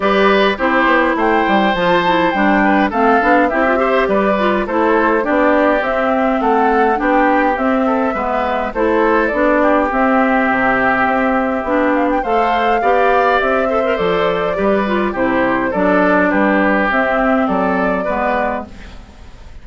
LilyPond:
<<
  \new Staff \with { instrumentName = "flute" } { \time 4/4 \tempo 4 = 103 d''4 c''4 g''4 a''4 | g''4 f''4 e''4 d''4 | c''4 d''4 e''4 fis''4 | g''4 e''2 c''4 |
d''4 e''2.~ | e''8 f''16 g''16 f''2 e''4 | d''2 c''4 d''4 | b'4 e''4 d''2 | }
  \new Staff \with { instrumentName = "oboe" } { \time 4/4 b'4 g'4 c''2~ | c''8 b'8 a'4 g'8 c''8 b'4 | a'4 g'2 a'4 | g'4. a'8 b'4 a'4~ |
a'8 g'2.~ g'8~ | g'4 c''4 d''4. c''8~ | c''4 b'4 g'4 a'4 | g'2 a'4 b'4 | }
  \new Staff \with { instrumentName = "clarinet" } { \time 4/4 g'4 e'2 f'8 e'8 | d'4 c'8 d'8 e'16 f'16 g'4 f'8 | e'4 d'4 c'2 | d'4 c'4 b4 e'4 |
d'4 c'2. | d'4 a'4 g'4. a'16 ais'16 | a'4 g'8 f'8 e'4 d'4~ | d'4 c'2 b4 | }
  \new Staff \with { instrumentName = "bassoon" } { \time 4/4 g4 c'8 b8 a8 g8 f4 | g4 a8 b8 c'4 g4 | a4 b4 c'4 a4 | b4 c'4 gis4 a4 |
b4 c'4 c4 c'4 | b4 a4 b4 c'4 | f4 g4 c4 fis4 | g4 c'4 fis4 gis4 | }
>>